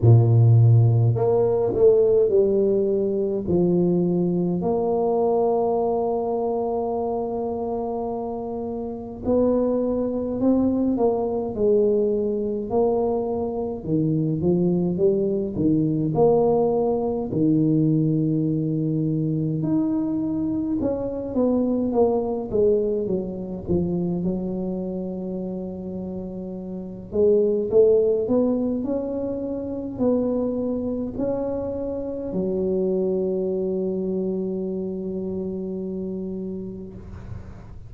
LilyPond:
\new Staff \with { instrumentName = "tuba" } { \time 4/4 \tempo 4 = 52 ais,4 ais8 a8 g4 f4 | ais1 | b4 c'8 ais8 gis4 ais4 | dis8 f8 g8 dis8 ais4 dis4~ |
dis4 dis'4 cis'8 b8 ais8 gis8 | fis8 f8 fis2~ fis8 gis8 | a8 b8 cis'4 b4 cis'4 | fis1 | }